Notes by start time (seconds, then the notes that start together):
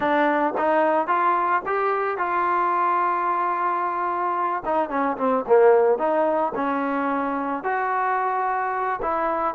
0.00 D4
0.57 D#4
1.07 F4
1.66 G4
2.17 F4
4.65 D#4
4.89 C#4
5.17 C4
5.47 A#3
5.98 D#4
6.55 C#4
7.63 F#4
9.01 E4